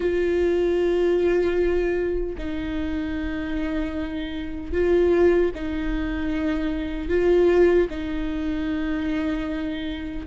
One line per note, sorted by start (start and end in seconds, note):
0.00 2.35 F4
2.38 4.72 D#4
4.72 5.51 F4
5.54 7.08 D#4
7.08 7.87 F4
7.89 10.26 D#4